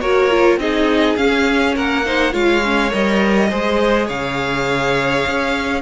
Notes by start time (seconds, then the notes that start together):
0.00 A#3 F#4 A#4 C#5
0.30 F4
0.57 C4 D#4 G#4 D#5
1.16 C#4 F5
1.75 A#3 A#4 F#5
2.05 D#4 C5
2.32 G#3 F4 C#5 F5
2.65 C#4
2.90 G3 A#4 D#5
3.49 G#3 G#4 C5
4.06 C#3 C#5 F5
5.27 C#4